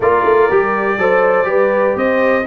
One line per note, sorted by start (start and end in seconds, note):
0.00 0.24 A#3
0.00 0.50 F4
0.00 0.98 A#4
0.00 1.97 D5
0.24 0.48 A3
0.50 0.97 G3
0.50 0.99 G4
0.97 1.45 F#3
0.97 1.44 A4
0.97 1.47 C5
1.44 1.94 G3
1.44 2.42 G4
1.44 1.96 B4
1.96 2.45 C4
1.96 2.45 C5
1.96 2.46 D#5